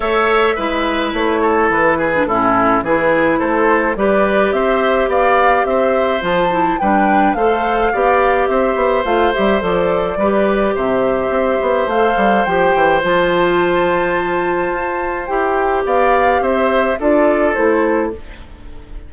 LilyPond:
<<
  \new Staff \with { instrumentName = "flute" } { \time 4/4 \tempo 4 = 106 e''2 cis''4 b'4 | a'4 b'4 c''4 d''4 | e''4 f''4 e''4 a''4 | g''4 f''2 e''4 |
f''8 e''8 d''2 e''4~ | e''4 f''4 g''4 a''4~ | a''2. g''4 | f''4 e''4 d''4 c''4 | }
  \new Staff \with { instrumentName = "oboe" } { \time 4/4 cis''4 b'4. a'4 gis'8 | e'4 gis'4 a'4 b'4 | c''4 d''4 c''2 | b'4 c''4 d''4 c''4~ |
c''2 b'4 c''4~ | c''1~ | c''1 | d''4 c''4 a'2 | }
  \new Staff \with { instrumentName = "clarinet" } { \time 4/4 a'4 e'2~ e'8. d'16 | cis'4 e'2 g'4~ | g'2. f'8 e'8 | d'4 a'4 g'2 |
f'8 g'8 a'4 g'2~ | g'4 a'4 g'4 f'4~ | f'2. g'4~ | g'2 f'4 e'4 | }
  \new Staff \with { instrumentName = "bassoon" } { \time 4/4 a4 gis4 a4 e4 | a,4 e4 a4 g4 | c'4 b4 c'4 f4 | g4 a4 b4 c'8 b8 |
a8 g8 f4 g4 c4 | c'8 b8 a8 g8 f8 e8 f4~ | f2 f'4 e'4 | b4 c'4 d'4 a4 | }
>>